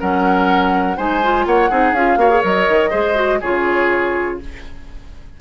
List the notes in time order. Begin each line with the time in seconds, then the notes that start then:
0.00 F#3 C#4 A#4 F#5
0.97 G#3 D#4 C5 G#5
1.23 F4
1.46 A#3 C#5 F#5
1.70 C4 D#4 G#4
1.92 C#4 F4 F5
2.16 A#3 F#4 C#5
2.29 G#4
2.41 F#3 A#4 D#5
2.68 D#3
2.90 G#3 G#4 C5
3.14 F#4
3.40 C#3 F4 G#4 C#5